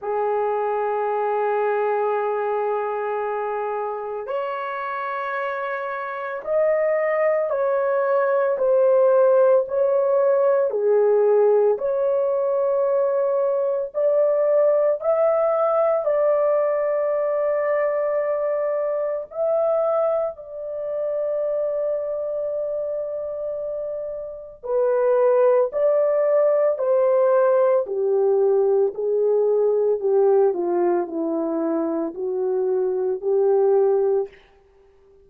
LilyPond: \new Staff \with { instrumentName = "horn" } { \time 4/4 \tempo 4 = 56 gis'1 | cis''2 dis''4 cis''4 | c''4 cis''4 gis'4 cis''4~ | cis''4 d''4 e''4 d''4~ |
d''2 e''4 d''4~ | d''2. b'4 | d''4 c''4 g'4 gis'4 | g'8 f'8 e'4 fis'4 g'4 | }